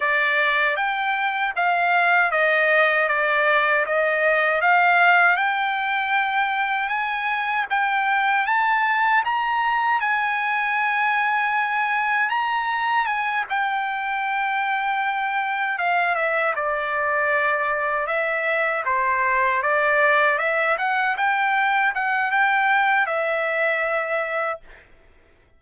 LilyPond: \new Staff \with { instrumentName = "trumpet" } { \time 4/4 \tempo 4 = 78 d''4 g''4 f''4 dis''4 | d''4 dis''4 f''4 g''4~ | g''4 gis''4 g''4 a''4 | ais''4 gis''2. |
ais''4 gis''8 g''2~ g''8~ | g''8 f''8 e''8 d''2 e''8~ | e''8 c''4 d''4 e''8 fis''8 g''8~ | g''8 fis''8 g''4 e''2 | }